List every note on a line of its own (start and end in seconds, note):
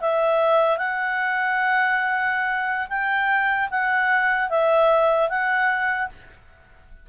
0.00 0.77 E5
0.77 2.87 F#5
2.89 3.69 G5
3.70 4.49 F#5
4.49 5.29 E5
5.29 6.09 F#5